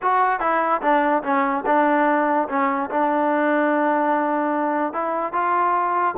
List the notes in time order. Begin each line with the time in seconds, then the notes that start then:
0.02 F#4
0.40 E4
0.81 D4
1.23 C#4
1.66 D4
2.48 C#4
2.90 D4
4.93 E4
5.32 F4